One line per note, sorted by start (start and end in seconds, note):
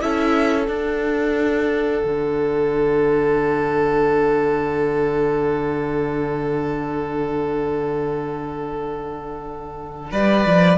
0.00 0.68 C#4
0.00 0.66 E4
0.00 10.11 A4
0.00 0.64 E5
0.64 10.78 D4
0.64 2.03 D4
0.64 10.08 F#5
2.04 10.12 D3
10.11 10.45 G3
10.11 10.78 B4
10.11 10.78 D5
10.46 10.78 F3